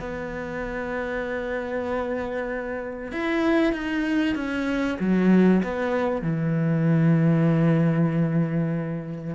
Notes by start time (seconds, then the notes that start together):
0.00 B3
3.12 E4
3.73 D#4
4.36 C#4
5.00 F#3
5.64 B3
6.22 E3